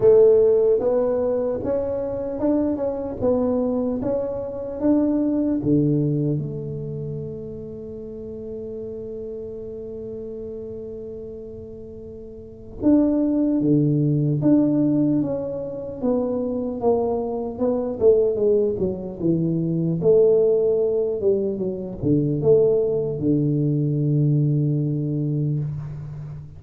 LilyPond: \new Staff \with { instrumentName = "tuba" } { \time 4/4 \tempo 4 = 75 a4 b4 cis'4 d'8 cis'8 | b4 cis'4 d'4 d4 | a1~ | a1 |
d'4 d4 d'4 cis'4 | b4 ais4 b8 a8 gis8 fis8 | e4 a4. g8 fis8 d8 | a4 d2. | }